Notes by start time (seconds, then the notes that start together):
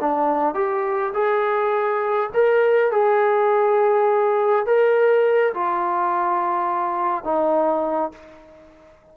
0.00 D4
0.54 G4
1.13 G#4
2.33 A#4
2.92 G#4
4.66 A#4
5.54 F4
7.24 D#4